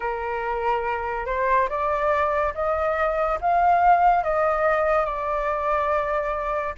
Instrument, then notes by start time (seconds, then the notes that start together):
flute
0.00 A#4
1.26 C5
1.69 D5
2.54 D#5
3.40 F5
4.23 D#5
5.05 D5